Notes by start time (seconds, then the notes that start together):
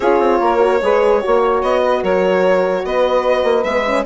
0.00 C#4 F4 G#4 C#5
0.19 C4
0.40 A#3 A#4
0.59 F#4
0.81 G#3 G#4 B4
1.21 A#3 F#4 C#5
1.62 B3 D#5
1.82 B4
2.02 F#3 A#4 C#5
2.84 B3 B4 D#5
3.43 A#3
3.63 G#3 B3 E5
3.86 C#4